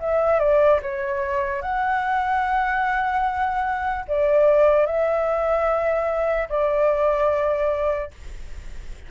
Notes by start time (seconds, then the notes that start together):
0.00 E5
0.39 D5
0.82 C#5
1.62 F#5
4.08 D5
4.86 E5
6.49 D5